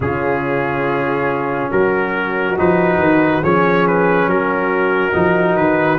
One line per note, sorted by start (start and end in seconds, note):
0.00 1.69 C#3
0.00 2.57 C#4
0.00 1.71 F4
0.00 1.71 G#4
1.71 2.57 F#3
1.71 3.42 F#4
1.71 2.57 A#4
2.57 2.98 F3
2.57 3.42 D#4
2.57 3.43 B4
2.98 3.41 D#3
3.42 4.26 F3
3.42 5.12 C#4
3.42 4.28 G#4
3.42 3.86 C#5
3.87 4.29 B4
4.26 5.12 F#3
4.26 5.99 F#4
4.26 5.56 A#4
5.12 5.57 F3
5.12 5.98 D#4
5.56 5.99 D#3
5.56 5.99 B4